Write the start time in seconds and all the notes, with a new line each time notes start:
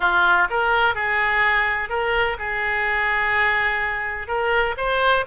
0.00 F4
0.50 A#4
0.94 G#4
1.89 A#4
2.39 G#4
4.27 A#4
4.77 C5